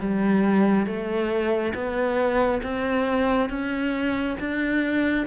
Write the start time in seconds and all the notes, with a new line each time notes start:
0.00 G3
0.87 A3
1.75 B3
2.63 C4
3.50 C#4
4.40 D4